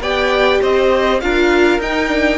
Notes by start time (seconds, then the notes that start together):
0.00 B3 G4 D5 G5
0.61 C4 C5 D#5
1.20 D4 F4 A#4 F5
1.78 D#4 G5
2.08 D4